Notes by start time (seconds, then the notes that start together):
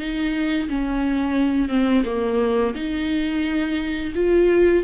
0.00 D#4
0.69 C#4
1.69 C4
2.06 A#3
2.76 D#4
4.15 F4